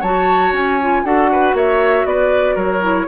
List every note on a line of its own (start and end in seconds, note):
0.00 0.52 F#3
0.00 0.80 F#4
0.00 1.02 C#5
0.00 0.53 A5
0.52 1.03 C#4
0.52 1.05 G#5
0.81 1.05 F4
1.03 1.53 D4
1.03 2.82 F#4
1.03 1.30 A4
1.03 1.56 F#5
1.32 1.56 B4
1.53 2.04 A#3
1.53 2.07 C#5
1.53 2.06 E5
2.05 2.56 B3
2.05 2.55 B4
2.05 2.57 D5
2.55 3.06 F#3
2.55 3.06 A#4
2.55 3.08 C#5
2.82 3.07 E4